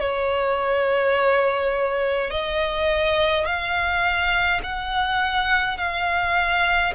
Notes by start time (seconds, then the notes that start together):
0.00 C#5
2.30 D#5
3.45 F5
4.63 F#5
5.77 F5